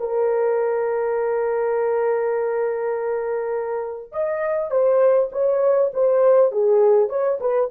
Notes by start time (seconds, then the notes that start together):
0.00 A#4
4.12 D#5
4.71 C5
5.32 C#5
5.94 C5
6.52 G#4
7.09 C#5
7.41 B4